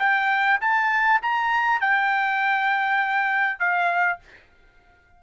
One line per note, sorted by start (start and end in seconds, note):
0.00 0.60 G5
0.61 1.21 A5
1.22 1.81 A#5
1.81 3.59 G5
3.59 4.19 F5